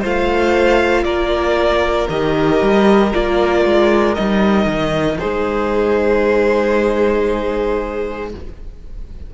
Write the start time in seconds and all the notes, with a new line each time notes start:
0.00 A3 F4 C5 F5
1.03 A#3 A#4 D5
2.09 D#3 G4 D#5
2.61 G3
3.12 A#3 F4 D5
3.64 G#3
4.14 G3 D#4 D#5
4.66 D#3
5.18 G#3 G#4 C5